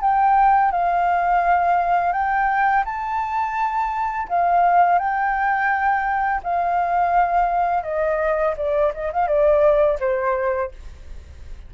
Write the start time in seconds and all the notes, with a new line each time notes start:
0.00 G5
0.71 F5
2.12 G5
2.85 A5
4.28 F5
4.98 G5
6.43 F5
7.83 D#5
8.56 D5
8.94 D#5
9.12 F5
9.27 D5
9.99 C5